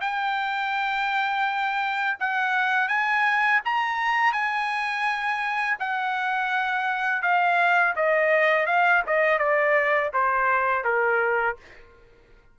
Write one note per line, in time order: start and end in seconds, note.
0.00 2.17 G5
2.19 2.88 F#5
2.88 3.60 G#5
3.65 4.32 A#5
4.32 5.77 G#5
5.79 7.22 F#5
7.22 7.94 F5
7.95 8.66 D#5
8.66 9.02 F5
9.06 9.38 D#5
9.38 10.11 D5
10.13 10.84 C5
10.84 11.56 A#4